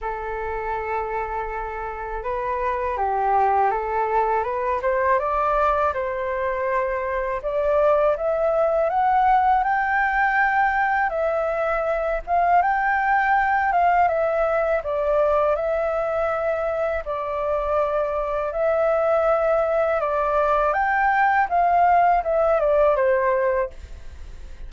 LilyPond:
\new Staff \with { instrumentName = "flute" } { \time 4/4 \tempo 4 = 81 a'2. b'4 | g'4 a'4 b'8 c''8 d''4 | c''2 d''4 e''4 | fis''4 g''2 e''4~ |
e''8 f''8 g''4. f''8 e''4 | d''4 e''2 d''4~ | d''4 e''2 d''4 | g''4 f''4 e''8 d''8 c''4 | }